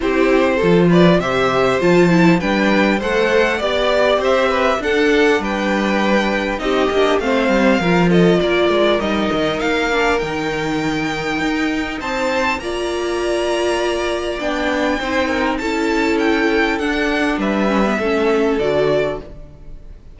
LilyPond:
<<
  \new Staff \with { instrumentName = "violin" } { \time 4/4 \tempo 4 = 100 c''4. d''8 e''4 a''4 | g''4 fis''4 d''4 e''4 | fis''4 g''2 dis''4 | f''4. dis''8 d''4 dis''4 |
f''4 g''2. | a''4 ais''2. | g''2 a''4 g''4 | fis''4 e''2 d''4 | }
  \new Staff \with { instrumentName = "violin" } { \time 4/4 g'4 a'8 b'8 c''2 | b'4 c''4 d''4 c''8 b'8 | a'4 b'2 g'4 | c''4 ais'8 a'8 ais'2~ |
ais'1 | c''4 d''2.~ | d''4 c''8 ais'8 a'2~ | a'4 b'4 a'2 | }
  \new Staff \with { instrumentName = "viola" } { \time 4/4 e'4 f'4 g'4 f'8 e'8 | d'4 a'4 g'2 | d'2. dis'8 d'8 | c'4 f'2 dis'4~ |
dis'8 d'8 dis'2.~ | dis'4 f'2. | d'4 dis'4 e'2 | d'4. cis'16 b16 cis'4 fis'4 | }
  \new Staff \with { instrumentName = "cello" } { \time 4/4 c'4 f4 c4 f4 | g4 a4 b4 c'4 | d'4 g2 c'8 ais8 | a8 g8 f4 ais8 gis8 g8 dis8 |
ais4 dis2 dis'4 | c'4 ais2. | b4 c'4 cis'2 | d'4 g4 a4 d4 | }
>>